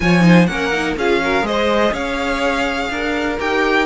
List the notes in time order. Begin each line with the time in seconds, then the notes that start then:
0.00 F3 F4 C#5 G#5
0.20 D#4 C5
0.46 A#3 C#4 A#4 F#5
0.72 D#4
0.96 C#4 F4 G#4 F5
1.22 F#4 A#4
1.42 G#3 G#4 C5 D#5
1.92 C#4 C#5 F5
2.90 D4 A#4
3.39 D#4 G4 G5